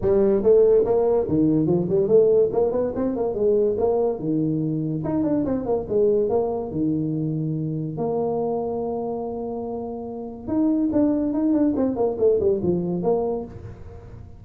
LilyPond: \new Staff \with { instrumentName = "tuba" } { \time 4/4 \tempo 4 = 143 g4 a4 ais4 dis4 | f8 g8 a4 ais8 b8 c'8 ais8 | gis4 ais4 dis2 | dis'8 d'8 c'8 ais8 gis4 ais4 |
dis2. ais4~ | ais1~ | ais4 dis'4 d'4 dis'8 d'8 | c'8 ais8 a8 g8 f4 ais4 | }